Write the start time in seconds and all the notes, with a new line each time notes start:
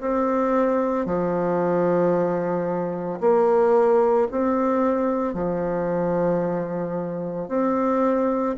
0.00 C4
1.05 F3
3.20 A#3
4.31 C4
5.34 F3
7.48 C4